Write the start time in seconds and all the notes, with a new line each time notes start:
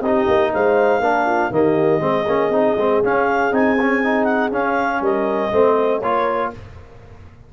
0.00 C4 D#4 G4 D#5
0.27 A#3
0.52 G#3 C5 F5
0.99 A#3 D4 A#4
1.25 F4
1.50 D#3 A#3 G4 D#5
1.99 G#3 C4 G#4
2.26 A#3 C#4
2.49 C4 D#4
2.77 G#3 C4
3.03 C#4 F5
3.51 C4 D#4 G#5
3.80 C#4
4.03 D#4
4.23 F#5
4.51 C#4 F5
5.01 G3 A#4 D#5
5.51 A3 C4 C5
6.00 A#3 F4 A#4 C#5